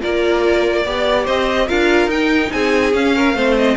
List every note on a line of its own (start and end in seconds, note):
0.00 0.85 A#3
0.00 0.84 F4
0.00 0.83 A#4
0.00 1.26 D5
0.85 1.27 B3
0.85 1.68 G4
0.85 1.24 D5
1.24 1.69 C4
1.24 1.66 C5
1.24 1.68 D#5
1.67 2.06 D4
1.67 2.09 F4
1.67 2.50 A#4
1.67 2.09 F5
2.06 2.48 D#4
2.06 2.92 D#4
2.06 2.51 G5
2.51 2.93 C4
2.51 3.15 G#4
2.51 2.93 G#5
2.92 3.34 C#4
2.92 3.33 C#4
2.92 3.56 F5
3.15 3.35 A#4
3.33 3.75 A3
3.33 3.76 C4
3.33 3.76 C5
3.57 3.76 D#5